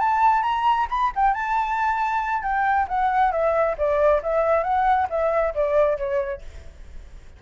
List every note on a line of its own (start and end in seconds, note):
0.00 0.43 A5
0.43 0.87 A#5
0.90 1.12 B5
1.16 1.34 G5
1.34 2.43 A5
2.43 2.87 G5
2.89 3.32 F#5
3.32 3.76 E5
3.78 4.22 D5
4.23 4.64 E5
4.64 5.08 F#5
5.10 5.54 E5
5.55 5.98 D5
5.98 6.42 C#5